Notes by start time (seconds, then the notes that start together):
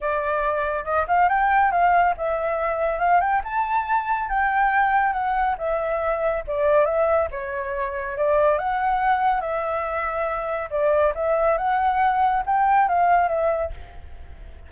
0.00 D5
0.84 D#5
1.07 F5
1.28 G5
1.71 F5
2.17 E5
2.99 F5
3.20 G5
3.43 A5
4.29 G5
5.13 F#5
5.58 E5
6.47 D5
6.85 E5
7.31 C#5
8.17 D5
8.58 F#5
9.40 E5
10.70 D5
11.14 E5
11.57 F#5
12.45 G5
12.88 F5
13.28 E5